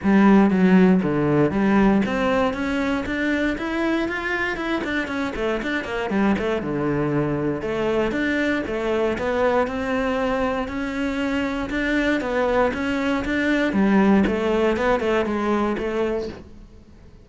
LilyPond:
\new Staff \with { instrumentName = "cello" } { \time 4/4 \tempo 4 = 118 g4 fis4 d4 g4 | c'4 cis'4 d'4 e'4 | f'4 e'8 d'8 cis'8 a8 d'8 ais8 | g8 a8 d2 a4 |
d'4 a4 b4 c'4~ | c'4 cis'2 d'4 | b4 cis'4 d'4 g4 | a4 b8 a8 gis4 a4 | }